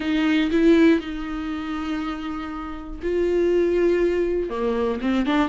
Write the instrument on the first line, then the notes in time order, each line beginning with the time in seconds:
viola
0.00 D#4
0.51 E4
1.00 D#4
3.02 F4
4.49 A#3
5.01 C4
5.26 D4